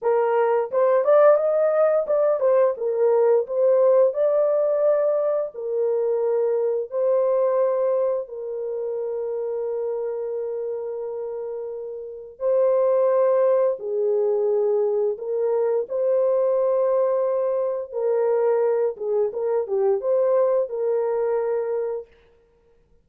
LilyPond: \new Staff \with { instrumentName = "horn" } { \time 4/4 \tempo 4 = 87 ais'4 c''8 d''8 dis''4 d''8 c''8 | ais'4 c''4 d''2 | ais'2 c''2 | ais'1~ |
ais'2 c''2 | gis'2 ais'4 c''4~ | c''2 ais'4. gis'8 | ais'8 g'8 c''4 ais'2 | }